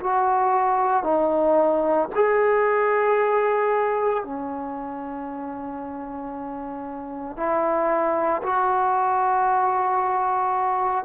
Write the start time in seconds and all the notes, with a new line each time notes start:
0.00 F#4
1.03 D#4
2.14 G#4
4.23 C#4
7.36 E4
8.43 F#4